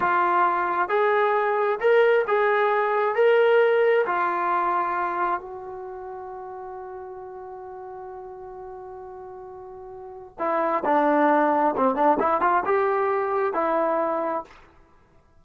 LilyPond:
\new Staff \with { instrumentName = "trombone" } { \time 4/4 \tempo 4 = 133 f'2 gis'2 | ais'4 gis'2 ais'4~ | ais'4 f'2. | fis'1~ |
fis'1~ | fis'2. e'4 | d'2 c'8 d'8 e'8 f'8 | g'2 e'2 | }